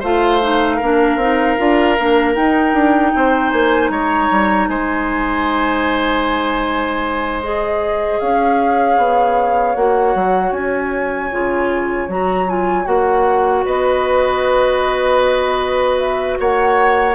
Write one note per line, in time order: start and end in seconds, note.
0.00 0.81 A3
0.00 0.42 F4
0.00 0.77 C5
0.00 2.35 F5
0.42 0.81 D#4
0.77 1.17 A#3
0.77 1.21 D4
0.77 3.11 A#4
1.17 1.56 C4
1.17 1.58 D#4
1.58 1.99 D4
1.58 1.97 F4
1.99 2.37 A#3
1.99 2.35 D4
2.35 7.42 D#4
2.35 2.74 D#4
2.35 3.50 G5
2.74 3.13 D4
3.16 3.53 C4
3.16 3.92 C5
3.50 3.90 A#3
3.50 3.89 G#5
3.90 4.29 G#3
3.90 4.69 C#5
3.90 4.69 A#5
4.31 4.69 G3
4.69 8.19 G#3
4.69 8.20 C5
4.69 7.41 G#5
7.43 9.77 G#4
7.43 8.20 D#5
8.20 8.98 C#4
8.20 13.66 C#5
8.20 9.76 F5
8.98 9.76 B3
9.76 10.15 A#3
9.76 11.32 F#4
9.76 10.53 F#5
10.15 10.52 F#3
10.52 11.30 C#4
10.52 12.09 G#5
11.33 12.08 C#3
11.33 12.09 F4
12.08 12.86 F#3
12.08 12.48 F#4
12.08 12.50 A#5
12.49 12.85 F4
12.49 12.87 G#5
12.85 13.65 A#3
12.85 17.13 F#4
12.85 13.65 F#5
13.66 16.39 B3
13.66 16.38 B4
13.66 15.99 D#5
15.99 16.38 E5
16.40 17.15 A#3
16.40 17.15 C#5
16.40 17.15 F#5